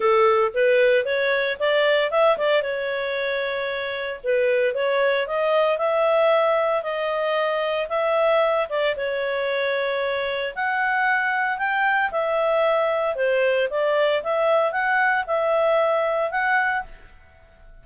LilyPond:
\new Staff \with { instrumentName = "clarinet" } { \time 4/4 \tempo 4 = 114 a'4 b'4 cis''4 d''4 | e''8 d''8 cis''2. | b'4 cis''4 dis''4 e''4~ | e''4 dis''2 e''4~ |
e''8 d''8 cis''2. | fis''2 g''4 e''4~ | e''4 c''4 d''4 e''4 | fis''4 e''2 fis''4 | }